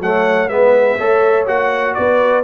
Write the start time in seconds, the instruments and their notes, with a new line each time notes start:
0.00 tuba F#3, trombone A3, horn C#5, trumpet F#5
0.49 tuba G#3, trombone B3, horn B4, trumpet E5
0.98 tuba A3, trombone A4, horn C#5
1.46 tuba A#3, trombone F#4, trumpet F#5
1.95 tuba B3, horn B4, trumpet D5